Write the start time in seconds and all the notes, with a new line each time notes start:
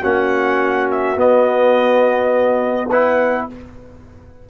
0.00 A#3 C#4 F#4 F#5
0.91 E5
1.16 B3 D#5
2.88 E4 B4 F#5